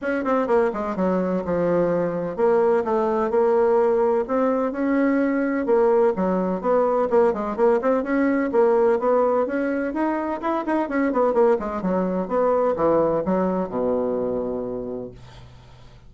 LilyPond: \new Staff \with { instrumentName = "bassoon" } { \time 4/4 \tempo 4 = 127 cis'8 c'8 ais8 gis8 fis4 f4~ | f4 ais4 a4 ais4~ | ais4 c'4 cis'2 | ais4 fis4 b4 ais8 gis8 |
ais8 c'8 cis'4 ais4 b4 | cis'4 dis'4 e'8 dis'8 cis'8 b8 | ais8 gis8 fis4 b4 e4 | fis4 b,2. | }